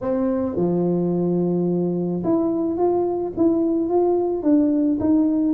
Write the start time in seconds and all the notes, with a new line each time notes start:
0.01 C4
0.56 F3
2.24 E4
2.77 F4
3.36 E4
3.89 F4
4.42 D4
5.00 D#4